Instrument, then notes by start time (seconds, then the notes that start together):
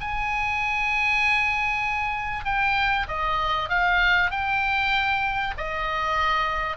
oboe
0.00 G#5
2.45 G5
3.08 D#5
3.69 F5
4.30 G5
5.57 D#5